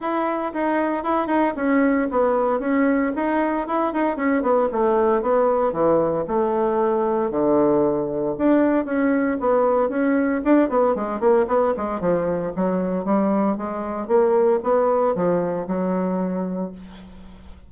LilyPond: \new Staff \with { instrumentName = "bassoon" } { \time 4/4 \tempo 4 = 115 e'4 dis'4 e'8 dis'8 cis'4 | b4 cis'4 dis'4 e'8 dis'8 | cis'8 b8 a4 b4 e4 | a2 d2 |
d'4 cis'4 b4 cis'4 | d'8 b8 gis8 ais8 b8 gis8 f4 | fis4 g4 gis4 ais4 | b4 f4 fis2 | }